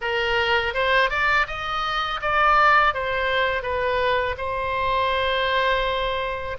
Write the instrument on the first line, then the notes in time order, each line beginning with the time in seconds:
oboe
0.01 A#4
0.74 C5
1.10 D5
1.47 D#5
2.21 D5
2.93 C5
3.62 B4
4.37 C5